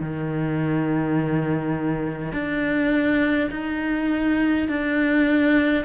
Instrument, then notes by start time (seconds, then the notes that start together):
cello
0.00 D#3
2.32 D4
3.51 D#4
4.68 D4